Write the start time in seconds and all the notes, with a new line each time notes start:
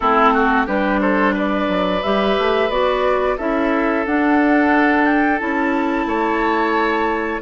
0.00 A3 C4 E4 A4
0.33 F#4
0.66 G3 D4 G4 B4
1.00 A4 C5
1.34 B4 D5
1.68 F#3
2.03 G3 G4 E5
2.38 A3
2.69 B3 F#4 D5
3.37 C#4 E4 A4 E5
4.05 D4 F#5
5.04 G5
5.38 C#4 E4 A5
6.06 A3 C#5